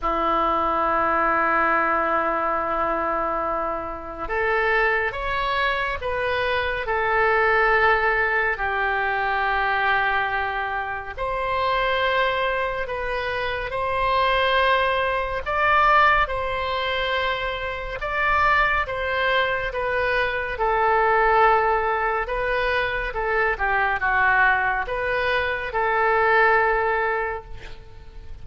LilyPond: \new Staff \with { instrumentName = "oboe" } { \time 4/4 \tempo 4 = 70 e'1~ | e'4 a'4 cis''4 b'4 | a'2 g'2~ | g'4 c''2 b'4 |
c''2 d''4 c''4~ | c''4 d''4 c''4 b'4 | a'2 b'4 a'8 g'8 | fis'4 b'4 a'2 | }